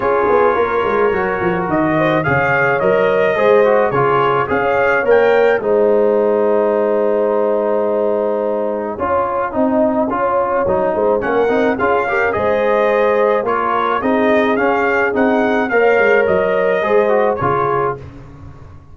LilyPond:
<<
  \new Staff \with { instrumentName = "trumpet" } { \time 4/4 \tempo 4 = 107 cis''2. dis''4 | f''4 dis''2 cis''4 | f''4 g''4 gis''2~ | gis''1~ |
gis''1 | fis''4 f''4 dis''2 | cis''4 dis''4 f''4 fis''4 | f''4 dis''2 cis''4 | }
  \new Staff \with { instrumentName = "horn" } { \time 4/4 gis'4 ais'2~ ais'8 c''8 | cis''2 c''4 gis'4 | cis''2 c''2~ | c''1 |
cis''4 dis''4 cis''4. c''8 | ais'4 gis'8 ais'8 c''2 | ais'4 gis'2. | cis''2 c''4 gis'4 | }
  \new Staff \with { instrumentName = "trombone" } { \time 4/4 f'2 fis'2 | gis'4 ais'4 gis'8 fis'8 f'4 | gis'4 ais'4 dis'2~ | dis'1 |
f'4 dis'4 f'4 dis'4 | cis'8 dis'8 f'8 g'8 gis'2 | f'4 dis'4 cis'4 dis'4 | ais'2 gis'8 fis'8 f'4 | }
  \new Staff \with { instrumentName = "tuba" } { \time 4/4 cis'8 b8 ais8 gis8 fis8 f8 dis4 | cis4 fis4 gis4 cis4 | cis'4 ais4 gis2~ | gis1 |
cis'4 c'4 cis'4 fis8 gis8 | ais8 c'8 cis'4 gis2 | ais4 c'4 cis'4 c'4 | ais8 gis8 fis4 gis4 cis4 | }
>>